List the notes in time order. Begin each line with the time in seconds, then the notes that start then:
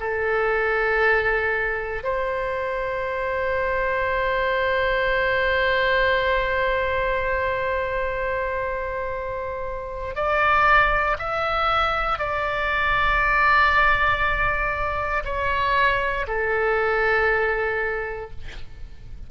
0.00 A4
2.04 C5
10.16 D5
11.19 E5
12.19 D5
15.25 C#5
16.28 A4